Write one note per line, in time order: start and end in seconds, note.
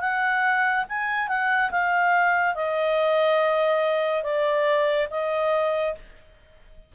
0.00 0.85 F#5
0.88 1.28 G#5
1.28 1.70 F#5
1.71 2.55 F5
2.55 4.23 D#5
4.23 5.07 D5
5.10 5.95 D#5